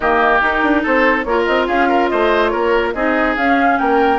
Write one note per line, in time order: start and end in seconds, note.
0.00 0.40 D#3
0.00 0.41 A#3
0.00 0.82 G4
0.00 0.40 D#5
0.41 1.25 D#4
0.41 0.62 D#4
0.41 0.85 A#4
0.62 0.83 D4
0.82 1.25 C4
0.82 1.24 A4
0.82 1.23 C5
1.23 1.46 A#3
1.23 2.95 F4
1.23 1.67 A#4
1.23 1.44 C#5
1.45 1.68 C4
1.45 1.66 D#5
1.67 2.10 C#4
1.67 1.88 G#4
1.67 2.08 F5
1.89 2.10 A#4
2.08 2.53 A3
2.08 2.51 C5
2.08 2.47 D#5
2.47 2.93 A#4
2.47 2.89 C#5
2.53 2.94 A#3
2.93 3.36 C4
2.93 3.37 D#4
2.93 3.78 G#4
2.93 3.35 D#5
3.36 3.78 C#4
3.36 4.18 C#4
3.36 3.78 F5
3.78 4.18 A#3
3.78 4.18 A#4
3.78 4.18 G5